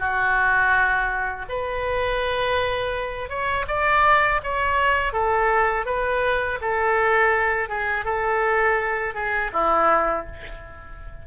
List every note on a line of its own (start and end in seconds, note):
0.00 1.46 F#4
1.49 3.30 B4
3.30 3.66 C#5
3.68 4.41 D5
4.44 5.13 C#5
5.13 5.86 A4
5.86 6.59 B4
6.62 7.70 A4
7.70 8.06 G#4
8.06 9.15 A4
9.15 9.52 G#4
9.53 10.26 E4